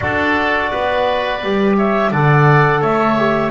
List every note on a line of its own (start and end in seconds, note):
0.00 0.72 D4
0.00 1.42 F#4
0.00 0.70 A4
0.00 1.75 D5
0.70 1.43 B3
0.70 1.76 B4
1.43 2.11 G3
1.43 2.12 G4
1.77 2.11 C#5
1.77 2.12 E5
2.11 2.81 D3
2.11 3.17 A4
2.11 2.81 D5
2.11 2.82 F#5
2.81 3.50 A3
2.81 3.50 C#5
2.81 3.50 E5
3.17 3.50 G4